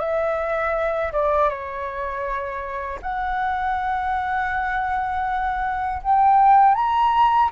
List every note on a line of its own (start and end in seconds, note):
0.00 1.12 E5
1.13 1.50 D5
1.50 3.00 C#5
3.02 6.02 F#5
6.03 6.75 G5
6.75 7.50 A#5